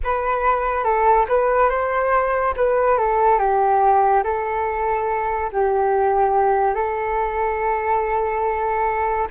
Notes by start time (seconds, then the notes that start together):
0.03 B4
0.83 A4
1.28 B4
1.69 C5
2.56 B4
2.98 A4
3.38 G4
4.23 A4
5.52 G4
6.74 A4